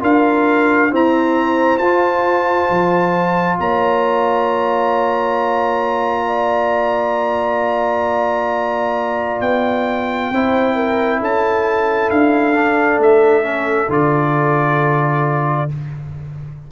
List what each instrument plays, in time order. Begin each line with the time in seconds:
0.00 tuba D4, trombone F4, horn A#4, trumpet F5
0.91 trombone C4, tuba E4, horn C5, trumpet A#5
1.78 tuba F4, trombone F4, trumpet A5
2.70 tuba F3
3.60 tuba A#3, horn C#5, trumpet A#5
6.27 horn D5
9.41 tuba B3, trumpet G5
10.31 tuba C4, trombone E4, horn C5
10.75 horn A#4
11.20 tuba C#4, horn A4, trumpet A5
12.10 tuba D4, trumpet F5
12.54 trombone D4
12.99 tuba A3, trumpet E5
13.43 trombone C#4
13.89 tuba D3, trombone F4, trumpet D5